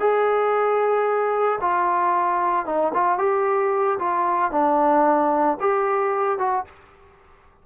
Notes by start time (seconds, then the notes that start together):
0.00 G#4
1.61 F4
2.66 D#4
2.94 F4
3.19 G4
3.99 F4
4.52 D4
5.60 G4
6.39 F#4